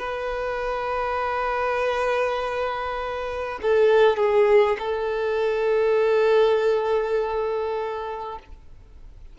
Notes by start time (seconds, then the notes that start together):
0.00 B4
3.62 A4
4.17 G#4
4.79 A4